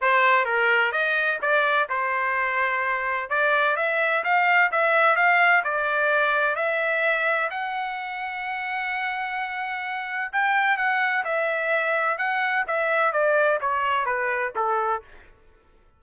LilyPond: \new Staff \with { instrumentName = "trumpet" } { \time 4/4 \tempo 4 = 128 c''4 ais'4 dis''4 d''4 | c''2. d''4 | e''4 f''4 e''4 f''4 | d''2 e''2 |
fis''1~ | fis''2 g''4 fis''4 | e''2 fis''4 e''4 | d''4 cis''4 b'4 a'4 | }